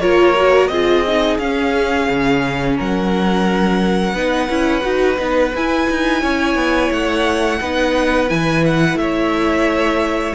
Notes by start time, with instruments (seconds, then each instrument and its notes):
0.00 cello A#3, viola F4, violin A#4 C#5
0.36 viola F#4
0.68 cello C4, viola F4, violin G#4 D#5
1.06 viola D#4
1.38 cello C#4, viola C#4, violin F5
2.09 cello C#3
2.77 cello F#3, violin A#4 F#5
4.14 cello B3, viola D#4, violin B4
4.49 cello C#4, viola E4
4.82 cello D#4, viola F#4
5.17 cello B3, viola D#4
5.55 cello E4, viola E4, violin G#5
5.90 cello D#4
6.22 cello C#4, violin C#5
6.55 cello B3
6.91 cello A3, violin F#5
7.60 cello B3, viola D#4, violin B4
8.28 cello E3, viola E4, violin G#5
8.66 violin F#5
8.95 cello A3, violin C#5 E5